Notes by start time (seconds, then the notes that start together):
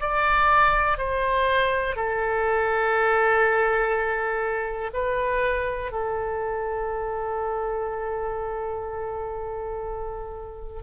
0.00 D5
0.97 C5
1.95 A4
4.93 B4
5.92 A4